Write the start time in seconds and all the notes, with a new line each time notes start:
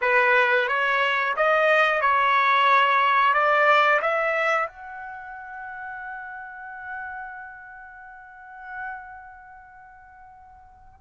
0.01 B4
0.68 C#5
1.36 D#5
2.01 C#5
3.33 D5
4.01 E5
4.67 F#5